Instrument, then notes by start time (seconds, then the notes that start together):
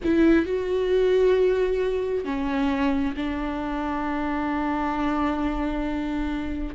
viola
0.03 E4
0.45 F#4
2.24 C#4
3.16 D4